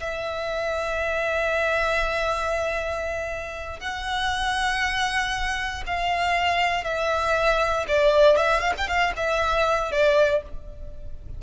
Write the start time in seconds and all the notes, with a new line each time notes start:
0.00 E5
3.80 F#5
5.87 F5
6.84 E5
7.88 D5
8.37 E5
8.60 F5
8.78 G5
8.88 F5
9.17 E5
9.92 D5